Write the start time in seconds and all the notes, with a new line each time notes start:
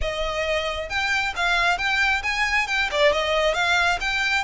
0.01 D#5
0.89 G5
1.36 F5
1.78 G5
2.22 G#5
2.67 G5
2.91 D5
3.12 D#5
3.54 F5
4.00 G5